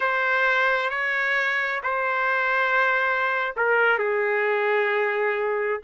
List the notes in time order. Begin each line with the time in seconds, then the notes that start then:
0.00 C5
0.90 C#5
1.83 C5
3.56 A#4
3.98 G#4